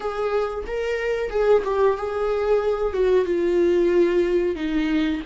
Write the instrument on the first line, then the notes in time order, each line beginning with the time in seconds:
viola
0.00 G#4
0.66 A#4
1.30 G#4
1.64 G4
1.97 G#4
2.93 F#4
3.25 F4
4.55 D#4